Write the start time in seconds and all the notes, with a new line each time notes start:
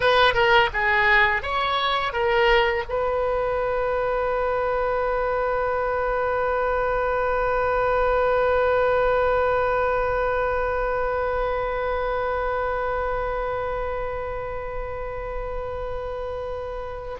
0.00 B4
0.34 A#4
0.73 G#4
1.42 C#5
2.12 A#4
2.89 B4